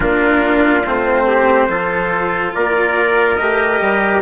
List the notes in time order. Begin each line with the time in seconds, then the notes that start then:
0.00 A#3 D4 F4 A#4
0.85 A3 C4 C5
1.27 G4
1.68 F3 F4 A4
2.54 A#3 A#4 D5
3.36 A3 G4 D#5
3.80 G3